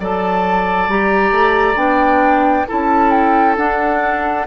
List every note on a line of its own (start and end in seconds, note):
0.00 0.88 F#3
0.00 0.90 A4
0.00 2.68 D5
0.00 0.90 A5
0.88 1.31 G3
0.88 1.75 G4
0.88 1.77 A#5
1.31 1.76 A3
1.75 2.65 B3
1.75 2.65 D4
1.75 2.67 G5
2.68 3.57 C#4
2.68 3.57 E4
2.68 4.47 A4
2.68 3.11 A5
3.11 3.55 G5
3.57 4.46 D4
3.57 4.47 D4
3.57 4.47 F#5